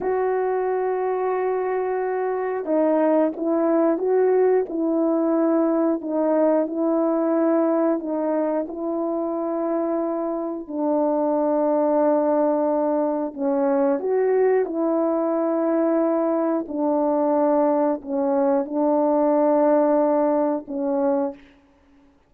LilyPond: \new Staff \with { instrumentName = "horn" } { \time 4/4 \tempo 4 = 90 fis'1 | dis'4 e'4 fis'4 e'4~ | e'4 dis'4 e'2 | dis'4 e'2. |
d'1 | cis'4 fis'4 e'2~ | e'4 d'2 cis'4 | d'2. cis'4 | }